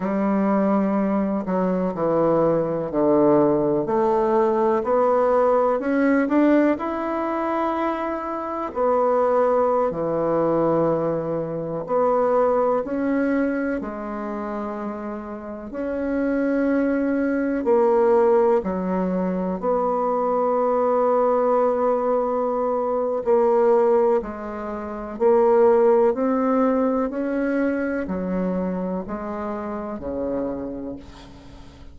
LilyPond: \new Staff \with { instrumentName = "bassoon" } { \time 4/4 \tempo 4 = 62 g4. fis8 e4 d4 | a4 b4 cis'8 d'8 e'4~ | e'4 b4~ b16 e4.~ e16~ | e16 b4 cis'4 gis4.~ gis16~ |
gis16 cis'2 ais4 fis8.~ | fis16 b2.~ b8. | ais4 gis4 ais4 c'4 | cis'4 fis4 gis4 cis4 | }